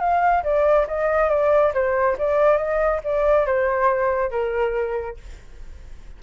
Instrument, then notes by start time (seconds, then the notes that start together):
flute
0.00 F5
0.44 D5
0.88 D#5
1.30 D5
1.74 C5
2.18 D5
2.57 D#5
3.04 D5
3.46 C5
4.31 A#4